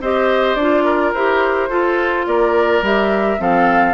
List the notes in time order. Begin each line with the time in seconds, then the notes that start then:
0.00 C4 G4 C5 D#5
0.55 D4 F4 D5
0.84 A#4
1.13 E4 G4 C5
1.69 F4 A4
2.26 A#3 A#4 D5
2.81 G3 G4 E5
3.38 F3 C4 A4 F5